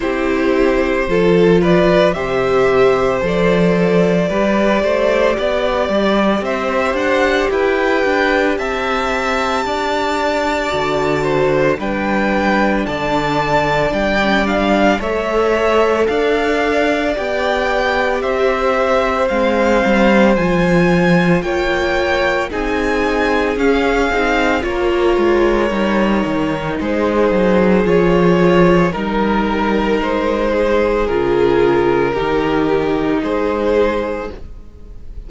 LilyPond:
<<
  \new Staff \with { instrumentName = "violin" } { \time 4/4 \tempo 4 = 56 c''4. d''8 e''4 d''4~ | d''2 e''8 fis''8 g''4 | a''2. g''4 | a''4 g''8 f''8 e''4 f''4 |
g''4 e''4 f''4 gis''4 | g''4 gis''4 f''4 cis''4~ | cis''4 c''4 cis''4 ais'4 | c''4 ais'2 c''4 | }
  \new Staff \with { instrumentName = "violin" } { \time 4/4 g'4 a'8 b'8 c''2 | b'8 c''8 d''4 c''4 b'4 | e''4 d''4. c''8 b'4 | d''2 cis''4 d''4~ |
d''4 c''2. | cis''4 gis'2 ais'4~ | ais'4 gis'2 ais'4~ | ais'8 gis'4. g'4 gis'4 | }
  \new Staff \with { instrumentName = "viola" } { \time 4/4 e'4 f'4 g'4 a'4 | g'1~ | g'2 fis'4 d'4~ | d'4~ d'16 cis'16 d'8 a'2 |
g'2 c'4 f'4~ | f'4 dis'4 cis'8 dis'8 f'4 | dis'2 f'4 dis'4~ | dis'4 f'4 dis'2 | }
  \new Staff \with { instrumentName = "cello" } { \time 4/4 c'4 f4 c4 f4 | g8 a8 b8 g8 c'8 d'8 e'8 d'8 | c'4 d'4 d4 g4 | d4 g4 a4 d'4 |
b4 c'4 gis8 g8 f4 | ais4 c'4 cis'8 c'8 ais8 gis8 | g8 dis8 gis8 fis8 f4 g4 | gis4 cis4 dis4 gis4 | }
>>